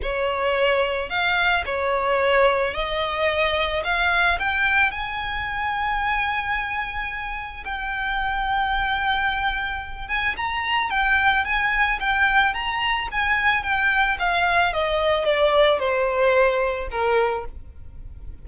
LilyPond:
\new Staff \with { instrumentName = "violin" } { \time 4/4 \tempo 4 = 110 cis''2 f''4 cis''4~ | cis''4 dis''2 f''4 | g''4 gis''2.~ | gis''2 g''2~ |
g''2~ g''8 gis''8 ais''4 | g''4 gis''4 g''4 ais''4 | gis''4 g''4 f''4 dis''4 | d''4 c''2 ais'4 | }